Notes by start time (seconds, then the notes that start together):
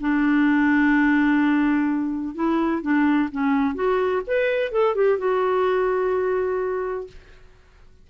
0.00 D4
2.34 E4
2.82 D4
3.31 C#4
3.75 F#4
4.26 B4
4.71 A4
4.95 G4
5.18 F#4